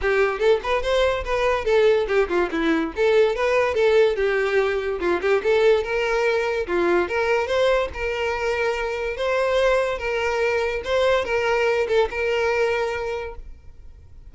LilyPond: \new Staff \with { instrumentName = "violin" } { \time 4/4 \tempo 4 = 144 g'4 a'8 b'8 c''4 b'4 | a'4 g'8 f'8 e'4 a'4 | b'4 a'4 g'2 | f'8 g'8 a'4 ais'2 |
f'4 ais'4 c''4 ais'4~ | ais'2 c''2 | ais'2 c''4 ais'4~ | ais'8 a'8 ais'2. | }